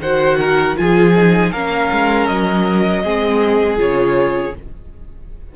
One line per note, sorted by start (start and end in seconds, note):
0.00 0.75 D#3
0.00 0.76 F#4
0.00 0.39 C5
0.00 0.76 F#5
0.39 0.77 A#4
0.76 1.52 F3
0.76 1.13 F4
0.76 1.52 G#4
0.76 1.52 G#5
1.16 1.53 D#4
1.52 1.89 A#3
1.52 3.04 C#4
1.52 3.02 A#4
1.52 2.26 F5
1.92 2.29 G#3
2.26 3.04 F#3
2.26 3.76 D#5
3.04 3.79 G#3
3.04 3.77 C4
3.04 4.55 G#4
3.77 4.54 C#3
3.77 4.52 F4
3.77 4.55 C#5